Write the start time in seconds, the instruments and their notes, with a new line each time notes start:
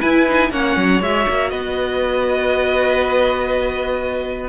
0.00 viola E4, cello E4, violin B4 G#5
0.28 viola D#4
0.51 cello A#3, viola C#4, violin C#5 F#5
0.77 cello F#3
1.01 cello G#3, viola F#4, violin E5
1.29 cello A#3
1.50 cello B3, violin B4 D#5